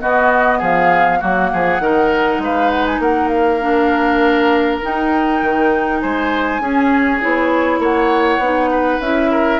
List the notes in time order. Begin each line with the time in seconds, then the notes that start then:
0.00 B3 F#4 D#5
0.58 F3 G#4 F5
1.20 F#3 A#3 F#4 F#5
1.53 F3 G#4
1.79 D#3 D#4 A#4
2.38 G#3 B4 F5
2.70 F#5
2.86 G#5
2.99 A#3 A#4 F#5
3.28 F5
3.61 D4
4.82 D#4 G5
5.42 D#3
6.00 G#3 C5 G#5
6.60 C#4 G#4
7.21 B3 E4 C#5
7.79 A#3 C#5 F#5
8.38 B3 D#4
8.70 B4
9.00 C#4 E4 E5
9.31 A#4